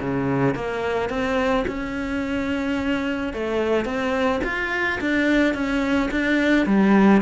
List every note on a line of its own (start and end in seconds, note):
0.00 0.55 C#3
0.55 1.09 A#3
1.09 1.65 C4
1.67 3.33 C#4
3.33 3.85 A3
3.85 4.41 C4
4.44 4.99 F4
5.01 5.54 D4
5.54 6.10 C#4
6.11 6.66 D4
6.66 7.21 G3